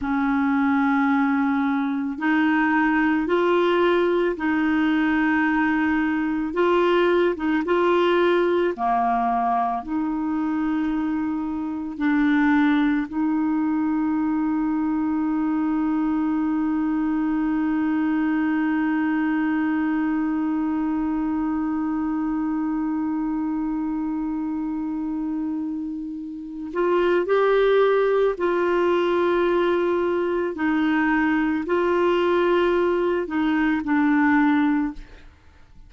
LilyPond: \new Staff \with { instrumentName = "clarinet" } { \time 4/4 \tempo 4 = 55 cis'2 dis'4 f'4 | dis'2 f'8. dis'16 f'4 | ais4 dis'2 d'4 | dis'1~ |
dis'1~ | dis'1~ | dis'8 f'8 g'4 f'2 | dis'4 f'4. dis'8 d'4 | }